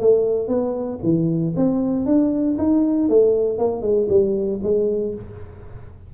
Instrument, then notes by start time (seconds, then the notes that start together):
tuba
0.00 A3
0.48 B3
1.03 E3
1.56 C4
2.06 D4
2.58 D#4
3.09 A3
3.59 A#3
3.82 G#3
4.09 G3
4.63 G#3